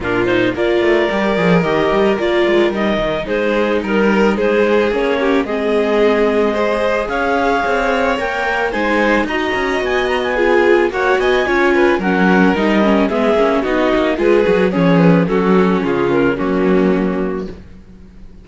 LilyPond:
<<
  \new Staff \with { instrumentName = "clarinet" } { \time 4/4 \tempo 4 = 110 ais'8 c''8 d''2 dis''4 | d''4 dis''4 c''4 ais'4 | c''4 cis''4 dis''2~ | dis''4 f''2 g''4 |
gis''4 ais''4 gis''8 ais''16 gis''4~ gis''16 | fis''8 gis''4. fis''4 dis''4 | e''4 dis''4 b'4 cis''8 b'8 | a'4 gis'8 ais'8 fis'2 | }
  \new Staff \with { instrumentName = "violin" } { \time 4/4 f'4 ais'2.~ | ais'2 gis'4 ais'4 | gis'4. g'8 gis'2 | c''4 cis''2. |
c''4 dis''2 gis'4 | cis''8 dis''8 cis''8 b'8 ais'2 | gis'4 fis'4 gis'4 cis'4 | fis'4 f'4 cis'2 | }
  \new Staff \with { instrumentName = "viola" } { \time 4/4 d'8 dis'8 f'4 g'8 gis'8 g'4 | f'4 dis'2.~ | dis'4 cis'4 c'2 | gis'2. ais'4 |
dis'4 fis'2 f'4 | fis'4 f'4 cis'4 dis'8 cis'8 | b8 cis'8 dis'4 f'8 fis'8 gis'4 | cis'2 ais2 | }
  \new Staff \with { instrumentName = "cello" } { \time 4/4 ais,4 ais8 a8 g8 f8 dis8 g8 | ais8 gis8 g8 dis8 gis4 g4 | gis4 ais4 gis2~ | gis4 cis'4 c'4 ais4 |
gis4 dis'8 cis'8 b2 | ais8 b8 cis'4 fis4 g4 | gis8 ais8 b8 ais8 gis8 fis8 f4 | fis4 cis4 fis2 | }
>>